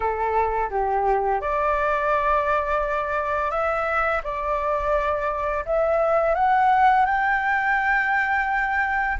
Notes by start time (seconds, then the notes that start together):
0.00 A4
0.70 G4
1.41 D5
3.51 E5
4.24 D5
5.65 E5
6.35 F#5
7.05 G5